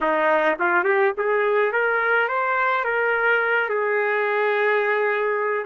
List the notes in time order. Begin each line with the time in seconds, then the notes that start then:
0.01 D#4
0.59 F4
0.84 G4
1.17 G#4
1.72 A#4
2.28 C5
2.84 A#4
3.69 G#4